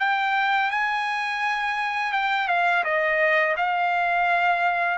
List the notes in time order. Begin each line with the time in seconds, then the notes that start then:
0.00 G5
0.71 G#5
2.13 G5
2.48 F5
2.84 D#5
3.57 F5